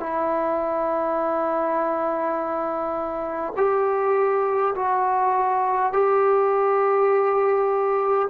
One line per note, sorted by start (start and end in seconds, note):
0.00 3.53 E4
3.57 4.74 G4
4.75 5.93 F#4
5.93 8.28 G4